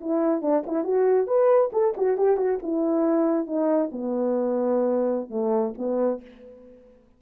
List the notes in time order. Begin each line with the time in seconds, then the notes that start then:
0.00 E4
0.41 D4
0.66 E4
0.83 F#4
1.27 B4
1.72 A4
1.97 F#4
2.17 G4
2.37 F#4
2.62 E4
3.46 D#4
3.91 B3
5.29 A3
5.77 B3